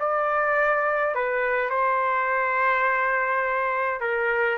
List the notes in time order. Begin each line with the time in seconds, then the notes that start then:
0.00 D5
1.15 B4
1.70 C5
4.01 A#4